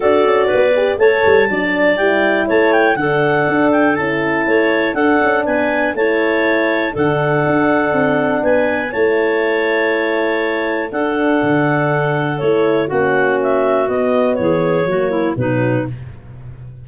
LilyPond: <<
  \new Staff \with { instrumentName = "clarinet" } { \time 4/4 \tempo 4 = 121 d''2 a''2 | g''4 a''8 g''8 fis''4. g''8 | a''2 fis''4 gis''4 | a''2 fis''2~ |
fis''4 gis''4 a''2~ | a''2 fis''2~ | fis''4 cis''4 fis''4 e''4 | dis''4 cis''2 b'4 | }
  \new Staff \with { instrumentName = "clarinet" } { \time 4/4 a'4 b'4 cis''4 d''4~ | d''4 cis''4 a'2~ | a'4 cis''4 a'4 b'4 | cis''2 a'2~ |
a'4 b'4 cis''2~ | cis''2 a'2~ | a'2 fis'2~ | fis'4 gis'4 fis'8 e'8 dis'4 | }
  \new Staff \with { instrumentName = "horn" } { \time 4/4 fis'4. g'8 a'4 d'4 | e'2 d'2 | e'2 d'2 | e'2 d'2~ |
d'2 e'2~ | e'2 d'2~ | d'4 e'4 cis'2 | b2 ais4 fis4 | }
  \new Staff \with { instrumentName = "tuba" } { \time 4/4 d'8 cis'8 b4 a8 g8 fis4 | g4 a4 d4 d'4 | cis'4 a4 d'8 cis'8 b4 | a2 d4 d'4 |
c'4 b4 a2~ | a2 d'4 d4~ | d4 a4 ais2 | b4 e4 fis4 b,4 | }
>>